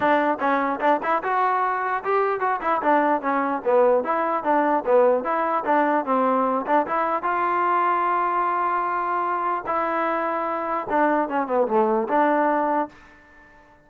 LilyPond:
\new Staff \with { instrumentName = "trombone" } { \time 4/4 \tempo 4 = 149 d'4 cis'4 d'8 e'8 fis'4~ | fis'4 g'4 fis'8 e'8 d'4 | cis'4 b4 e'4 d'4 | b4 e'4 d'4 c'4~ |
c'8 d'8 e'4 f'2~ | f'1 | e'2. d'4 | cis'8 b8 a4 d'2 | }